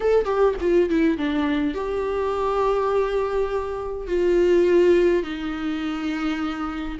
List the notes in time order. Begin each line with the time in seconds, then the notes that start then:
0.00 A4
0.25 G4
0.60 F4
0.89 E4
1.17 D4
1.74 G4
4.07 F4
5.23 D#4